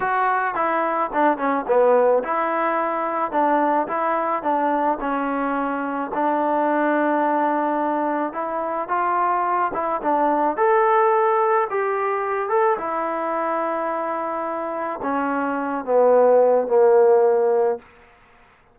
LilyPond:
\new Staff \with { instrumentName = "trombone" } { \time 4/4 \tempo 4 = 108 fis'4 e'4 d'8 cis'8 b4 | e'2 d'4 e'4 | d'4 cis'2 d'4~ | d'2. e'4 |
f'4. e'8 d'4 a'4~ | a'4 g'4. a'8 e'4~ | e'2. cis'4~ | cis'8 b4. ais2 | }